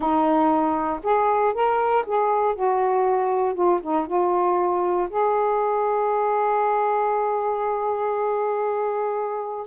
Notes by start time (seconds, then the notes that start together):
0.00 D#4
1.03 G#4
1.54 A#4
2.06 G#4
2.55 F#4
3.54 F4
3.82 D#4
4.07 F4
5.09 G#4